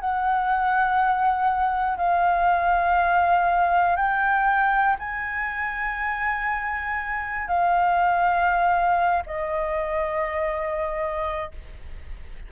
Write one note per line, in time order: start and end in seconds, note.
0.00 1.97 F#5
1.97 3.96 F5
3.96 4.96 G5
4.99 7.47 G#5
7.47 9.22 F5
9.26 11.51 D#5